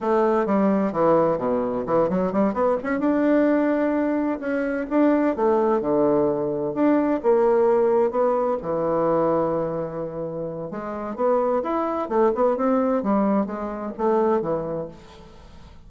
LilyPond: \new Staff \with { instrumentName = "bassoon" } { \time 4/4 \tempo 4 = 129 a4 g4 e4 b,4 | e8 fis8 g8 b8 cis'8 d'4.~ | d'4. cis'4 d'4 a8~ | a8 d2 d'4 ais8~ |
ais4. b4 e4.~ | e2. gis4 | b4 e'4 a8 b8 c'4 | g4 gis4 a4 e4 | }